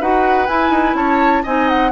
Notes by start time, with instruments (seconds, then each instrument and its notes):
0.00 bassoon D#4, clarinet F#4, oboe B4, flute F#5
0.46 clarinet E4, bassoon E4, flute G#5
0.70 bassoon D#4
0.94 bassoon C#4, oboe C#5, flute A5
1.42 bassoon C4, clarinet D#4, oboe D#5, flute G#5
1.68 flute F#5